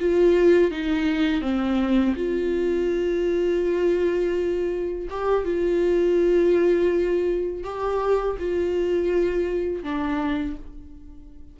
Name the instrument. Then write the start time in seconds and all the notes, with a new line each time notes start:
viola
0.00 F4
0.72 D#4
1.42 C4
2.16 F4
5.11 G4
5.45 F4
7.64 G4
8.39 F4
9.83 D4